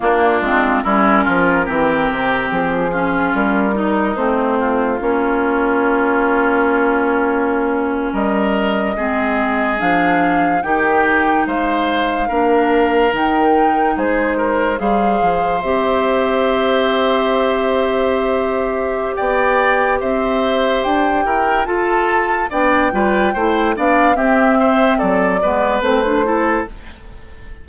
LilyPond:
<<
  \new Staff \with { instrumentName = "flute" } { \time 4/4 \tempo 4 = 72 f'4 ais'2 gis'4 | ais'4 c''4 cis''2~ | cis''4.~ cis''16 dis''2 f''16~ | f''8. g''4 f''2 g''16~ |
g''8. c''4 f''4 e''4~ e''16~ | e''2. g''4 | e''4 g''4 a''4 g''4~ | g''8 f''8 e''4 d''4 c''4 | }
  \new Staff \with { instrumentName = "oboe" } { \time 4/4 d'4 e'8 f'8 g'4. f'8~ | f'8 dis'4 f'2~ f'8~ | f'4.~ f'16 ais'4 gis'4~ gis'16~ | gis'8. g'4 c''4 ais'4~ ais'16~ |
ais'8. gis'8 ais'8 c''2~ c''16~ | c''2. d''4 | c''4. ais'8 a'4 d''8 b'8 | c''8 d''8 g'8 c''8 a'8 b'4 a'8 | }
  \new Staff \with { instrumentName = "clarinet" } { \time 4/4 ais8 c'8 cis'4 c'4. cis'8~ | cis'8 dis'8 c'4 cis'2~ | cis'2~ cis'8. c'4 d'16~ | d'8. dis'2 d'4 dis'16~ |
dis'4.~ dis'16 gis'4 g'4~ g'16~ | g'1~ | g'2 f'4 d'8 f'8 | e'8 d'8 c'4. b8 c'16 d'16 e'8 | }
  \new Staff \with { instrumentName = "bassoon" } { \time 4/4 ais8 gis8 g8 f8 e8 c8 f4 | g4 a4 ais2~ | ais4.~ ais16 g4 gis4 f16~ | f8. dis4 gis4 ais4 dis16~ |
dis8. gis4 g8 f8 c'4~ c'16~ | c'2. b4 | c'4 d'8 e'8 f'4 b8 g8 | a8 b8 c'4 fis8 gis8 a4 | }
>>